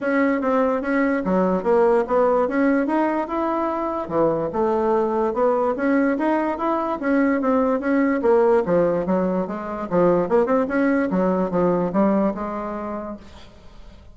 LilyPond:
\new Staff \with { instrumentName = "bassoon" } { \time 4/4 \tempo 4 = 146 cis'4 c'4 cis'4 fis4 | ais4 b4 cis'4 dis'4 | e'2 e4 a4~ | a4 b4 cis'4 dis'4 |
e'4 cis'4 c'4 cis'4 | ais4 f4 fis4 gis4 | f4 ais8 c'8 cis'4 fis4 | f4 g4 gis2 | }